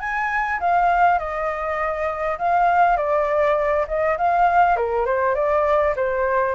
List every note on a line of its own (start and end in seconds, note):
0.00 0.59 G#5
0.60 1.19 F5
1.19 2.38 D#5
2.38 2.97 F5
2.97 3.86 D5
3.87 4.17 D#5
4.17 4.76 F5
4.76 5.05 A#4
5.05 5.35 C5
5.35 5.94 D5
5.96 6.55 C5